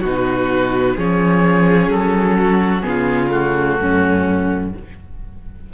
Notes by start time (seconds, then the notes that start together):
0.00 B2 D#4 F#4 B4
0.95 F3 C#4 G#4 C#5
1.88 F#3 A4
2.38 F#4
2.82 C#3 B3 F4 G#4
3.28 A3 F#4
3.79 F#2 C#4